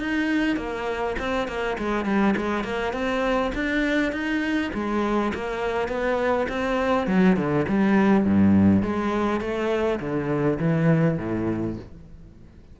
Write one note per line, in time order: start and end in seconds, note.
0.00 0.57 D#4
0.57 1.16 A#3
1.19 1.48 C4
1.48 1.78 A#3
1.78 2.05 G#3
2.05 2.35 G3
2.37 2.64 G#3
2.64 2.93 A#3
2.93 3.52 C4
3.55 4.13 D4
4.13 4.71 D#4
4.74 5.33 G#3
5.34 5.89 A#3
5.89 6.47 B3
6.49 7.07 C4
7.07 7.37 F#3
7.37 7.66 D3
7.68 8.25 G3
8.25 8.83 G2
8.83 9.41 G#3
9.41 10.00 A3
10.00 10.59 D3
10.59 11.18 E3
11.18 11.77 A2